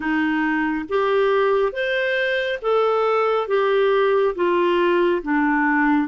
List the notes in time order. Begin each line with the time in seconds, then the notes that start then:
0.00 D#4
0.89 G4
1.72 C5
2.62 A4
3.47 G4
4.35 F4
5.22 D4